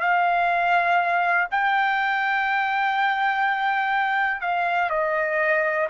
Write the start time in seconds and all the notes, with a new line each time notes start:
0.00 F5
1.50 G5
4.41 F5
4.90 D#5